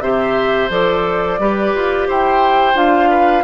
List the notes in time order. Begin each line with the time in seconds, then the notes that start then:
0.00 C3 G4 C5 E5
0.69 F3 A4 D5
1.39 G3 G4 B4
1.75 F4
2.07 E4 C5 G5
2.74 D4 F4 F5
3.09 B4